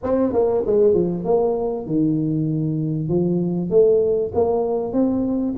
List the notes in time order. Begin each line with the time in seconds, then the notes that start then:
0.03 C4
0.33 A#3
0.66 G#3
0.94 F3
1.24 A#3
1.86 D#3
3.08 F3
3.70 A3
4.34 A#3
4.93 C4